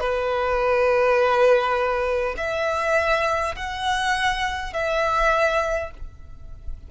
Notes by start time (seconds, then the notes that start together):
0.00 B4
2.37 E5
3.56 F#5
4.73 E5